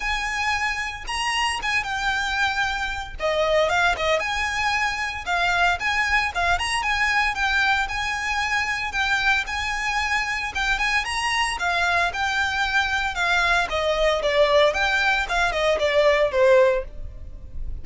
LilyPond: \new Staff \with { instrumentName = "violin" } { \time 4/4 \tempo 4 = 114 gis''2 ais''4 gis''8 g''8~ | g''2 dis''4 f''8 dis''8 | gis''2 f''4 gis''4 | f''8 ais''8 gis''4 g''4 gis''4~ |
gis''4 g''4 gis''2 | g''8 gis''8 ais''4 f''4 g''4~ | g''4 f''4 dis''4 d''4 | g''4 f''8 dis''8 d''4 c''4 | }